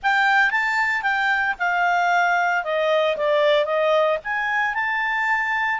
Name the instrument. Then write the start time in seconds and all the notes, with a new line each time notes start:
clarinet
0.02 G5
0.50 A5
1.02 G5
1.59 F5
2.63 D#5
3.17 D5
3.65 D#5
4.24 G#5
4.74 A5